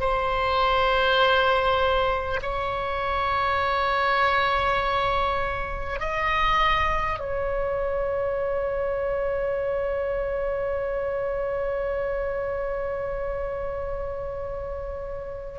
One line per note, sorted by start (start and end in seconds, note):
0.00 2.40 C5
2.42 5.99 C#5
5.99 7.19 D#5
7.19 15.58 C#5